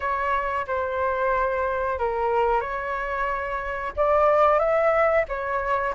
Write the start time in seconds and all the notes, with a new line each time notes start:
0.00 C#5
0.67 C5
1.98 A#4
2.60 C#5
3.96 D5
4.59 E5
5.28 C#5